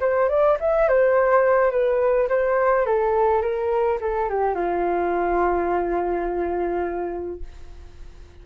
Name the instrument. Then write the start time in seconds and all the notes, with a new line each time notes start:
flute
0.00 C5
0.29 D5
0.60 E5
0.89 C5
1.71 B4
2.29 C5
2.86 A4
3.42 A#4
4.01 A4
4.29 G4
4.55 F4